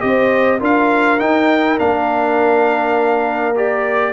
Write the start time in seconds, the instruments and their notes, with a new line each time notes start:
0.00 tuba C4, trombone G4, horn C5, trumpet D#5
0.59 tuba D4, trombone F4, horn A#4, trumpet F5
1.19 trombone D#4, tuba D#4, trumpet G5
1.78 tuba A#3, trombone D4, trumpet F5
3.55 trombone G4, trumpet D5